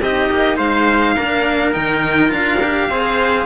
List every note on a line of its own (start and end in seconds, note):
0.00 0.29 C4
0.00 1.16 D#4
0.00 0.56 G4
0.00 0.58 D#5
0.31 0.58 A#3
0.56 1.16 G#3
0.56 1.14 C5
0.56 1.73 F5
1.16 1.76 A#3
1.16 1.72 D4
1.16 2.89 A#4
1.72 2.32 D#3
1.72 2.28 D#4
1.72 2.31 G5
2.28 2.89 D4
2.28 2.57 F4
2.28 3.46 F5
2.62 2.91 G4
2.89 3.46 C4
2.89 3.46 G#4
2.89 3.46 C5